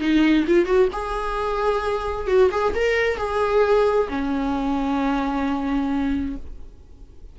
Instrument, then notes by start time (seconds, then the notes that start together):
viola
0.00 D#4
0.47 F4
0.65 F#4
0.92 G#4
2.27 F#4
2.51 G#4
2.75 A#4
3.17 G#4
4.09 C#4